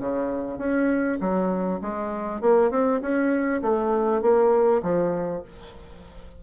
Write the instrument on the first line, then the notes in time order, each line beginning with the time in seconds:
bassoon
0.00 C#3
0.59 C#4
1.20 F#3
1.82 G#3
2.41 A#3
2.71 C4
3.02 C#4
3.62 A3
4.22 A#3
4.83 F3